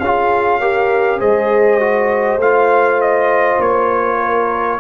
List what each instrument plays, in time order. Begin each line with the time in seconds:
0.00 tuba C#4, trombone F4, horn G#4, trumpet F5
0.60 trombone G4, horn A#4
1.19 tuba G#3, trombone G#4, horn C5, trumpet D#5
1.80 trombone F#4
2.38 tuba A3, trombone F4, trumpet F5
3.02 trumpet D#5
3.59 tuba A#3, trumpet C#5
4.21 horn A#4